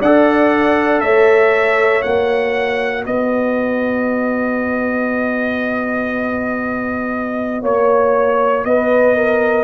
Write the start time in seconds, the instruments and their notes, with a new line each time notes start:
0.00 tuba D4, trombone A4, horn D5, trumpet F#5
1.01 tuba A3, horn C#5, trumpet E5
2.02 tuba A#3, trombone F#4, trumpet F#5
3.04 tuba B3, horn B4, trumpet D#5
7.61 tuba A#3, horn C#5, trumpet C#5
8.65 tuba B3, horn B4, trumpet D#5
9.16 horn A#4